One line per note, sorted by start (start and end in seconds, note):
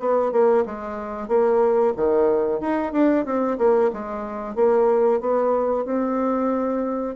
0.00 0.32 B3
0.32 0.65 A#3
0.66 1.29 G#3
1.29 1.94 A#3
1.97 2.61 D#3
2.61 2.93 D#4
2.93 3.25 D4
3.25 3.58 C4
3.58 3.91 A#3
3.93 4.56 G#3
4.56 5.21 A#3
5.21 5.85 B3
5.85 7.16 C4